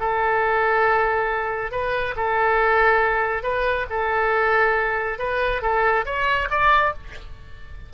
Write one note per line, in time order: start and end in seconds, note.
0.00 1.71 A4
1.71 2.15 B4
2.16 3.43 A4
3.43 3.86 B4
3.90 5.19 A4
5.19 5.62 B4
5.62 6.05 A4
6.05 6.49 C#5
6.50 6.94 D5